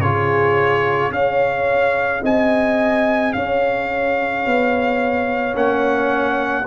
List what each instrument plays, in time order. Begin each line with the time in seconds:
0.00 tuba C#3, trombone F4, horn G#4, trumpet C#5
1.10 tuba C#4, trombone G#4, horn C#5, trumpet F5
2.23 tuba C4, horn D#5, trumpet G#5
3.33 tuba C#4, horn C#5, trumpet F5
4.46 tuba B3
5.53 tuba A#3, trombone C#4, trumpet F#5